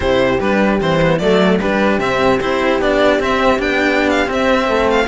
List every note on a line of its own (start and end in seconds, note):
0.00 0.40 C3
0.00 0.39 E4
0.00 1.20 G4
0.00 0.39 C5
0.39 0.80 G3
0.39 0.80 D4
0.39 0.79 B4
0.80 1.20 E3
0.80 1.00 C4
0.80 1.18 C5
1.01 1.20 B3
1.18 1.60 F#3
1.18 1.60 A3
1.18 1.60 A4
1.18 1.58 D5
1.60 1.98 G3
1.60 2.00 D4
1.60 4.68 G4
1.60 1.99 B4
1.98 2.38 C3
1.98 2.40 C4
1.98 2.39 E5
2.40 2.79 C4
2.40 2.81 E4
2.40 2.81 C5
2.79 3.18 B3
2.79 3.19 D4
2.79 3.21 D5
3.18 3.58 C4
3.18 3.61 E5
3.58 4.28 B3
3.58 4.26 D4
3.58 4.09 G5
4.09 4.29 F5
4.26 5.06 C4
4.26 4.68 C4
4.26 4.90 E5
4.68 5.07 A3
4.68 5.07 A4
4.90 5.07 F5